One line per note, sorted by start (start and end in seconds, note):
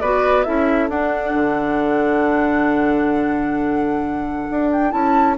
0.00 0.46 B3
0.00 0.45 F#4
0.00 0.46 B4
0.00 0.44 D5
0.44 0.89 C#4
0.44 0.90 E4
0.44 5.38 A4
0.44 0.89 E5
0.89 1.34 D4
0.89 4.91 D4
0.89 4.70 F#5
1.34 4.47 D3
4.51 4.93 D4
4.72 4.92 G5
4.91 5.38 C#4
4.91 5.35 E4
4.91 5.36 A5